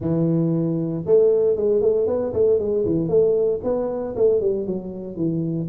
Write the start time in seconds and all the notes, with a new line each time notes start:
0.00 E3
1.06 A3
1.56 G#3
1.81 A3
2.07 B3
2.33 A3
2.59 G#3
2.85 E3
3.08 A3
3.63 B3
4.15 A3
4.40 G3
4.66 F#3
5.16 E3